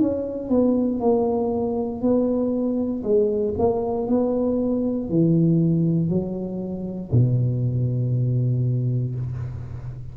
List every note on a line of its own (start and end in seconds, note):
0.00 0.49 C#4
0.49 1.00 B3
1.00 2.01 A#3
2.01 3.03 B3
3.03 3.54 G#3
3.58 4.08 A#3
4.08 5.09 B3
5.09 6.10 E3
6.10 7.11 F#3
7.12 9.15 B2